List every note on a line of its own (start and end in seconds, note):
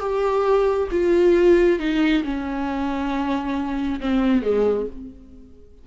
0.00 0.88 G4
0.91 1.79 F4
1.79 2.23 D#4
2.23 4.00 C#4
4.00 4.42 C4
4.42 4.86 G#3